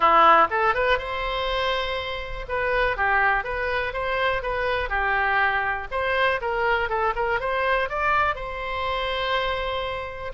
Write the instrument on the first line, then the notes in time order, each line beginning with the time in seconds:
oboe
0.00 E4
0.50 A4
0.74 B4
0.98 C5
2.48 B4
2.96 G4
3.44 B4
3.93 C5
4.42 B4
4.89 G4
5.91 C5
6.41 A#4
6.89 A4
7.15 A#4
7.39 C5
7.89 D5
8.35 C5